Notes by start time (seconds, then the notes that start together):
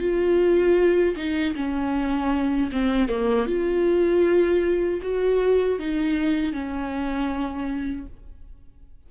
0.00 F4
1.16 D#4
1.56 C#4
2.72 C4
3.09 A#3
3.47 F4
5.02 F#4
5.79 D#4
6.53 C#4